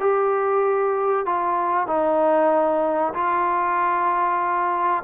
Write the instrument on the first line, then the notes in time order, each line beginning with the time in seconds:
trombone
0.00 G4
1.26 F4
1.87 D#4
3.14 F4